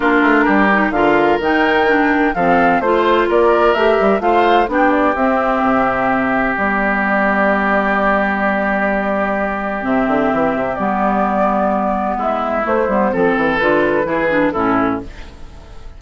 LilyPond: <<
  \new Staff \with { instrumentName = "flute" } { \time 4/4 \tempo 4 = 128 ais'2 f''4 g''4~ | g''4 f''4 c''4 d''4 | e''4 f''4 g''8 d''8 e''4~ | e''2 d''2~ |
d''1~ | d''4 e''2 d''4~ | d''2 e''4 c''4 | a'4 b'2 a'4 | }
  \new Staff \with { instrumentName = "oboe" } { \time 4/4 f'4 g'4 ais'2~ | ais'4 a'4 c''4 ais'4~ | ais'4 c''4 g'2~ | g'1~ |
g'1~ | g'1~ | g'2 e'2 | a'2 gis'4 e'4 | }
  \new Staff \with { instrumentName = "clarinet" } { \time 4/4 d'4. dis'8 f'4 dis'4 | d'4 c'4 f'2 | g'4 f'4 d'4 c'4~ | c'2 b2~ |
b1~ | b4 c'2 b4~ | b2. a8 b8 | c'4 f'4 e'8 d'8 cis'4 | }
  \new Staff \with { instrumentName = "bassoon" } { \time 4/4 ais8 a8 g4 d4 dis4~ | dis4 f4 a4 ais4 | a8 g8 a4 b4 c'4 | c2 g2~ |
g1~ | g4 c8 d8 e8 c8 g4~ | g2 gis4 a8 g8 | f8 e8 d4 e4 a,4 | }
>>